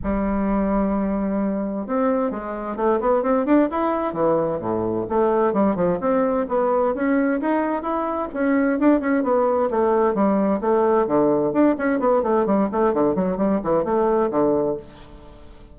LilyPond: \new Staff \with { instrumentName = "bassoon" } { \time 4/4 \tempo 4 = 130 g1 | c'4 gis4 a8 b8 c'8 d'8 | e'4 e4 a,4 a4 | g8 f8 c'4 b4 cis'4 |
dis'4 e'4 cis'4 d'8 cis'8 | b4 a4 g4 a4 | d4 d'8 cis'8 b8 a8 g8 a8 | d8 fis8 g8 e8 a4 d4 | }